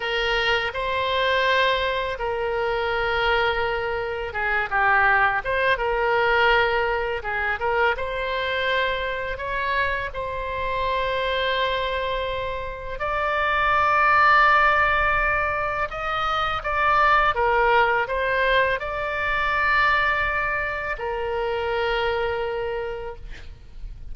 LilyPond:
\new Staff \with { instrumentName = "oboe" } { \time 4/4 \tempo 4 = 83 ais'4 c''2 ais'4~ | ais'2 gis'8 g'4 c''8 | ais'2 gis'8 ais'8 c''4~ | c''4 cis''4 c''2~ |
c''2 d''2~ | d''2 dis''4 d''4 | ais'4 c''4 d''2~ | d''4 ais'2. | }